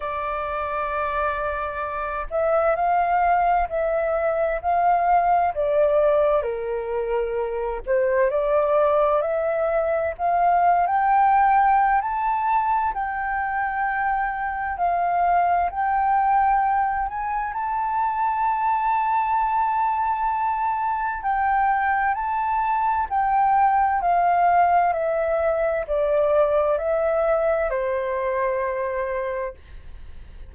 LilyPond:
\new Staff \with { instrumentName = "flute" } { \time 4/4 \tempo 4 = 65 d''2~ d''8 e''8 f''4 | e''4 f''4 d''4 ais'4~ | ais'8 c''8 d''4 e''4 f''8. g''16~ | g''4 a''4 g''2 |
f''4 g''4. gis''8 a''4~ | a''2. g''4 | a''4 g''4 f''4 e''4 | d''4 e''4 c''2 | }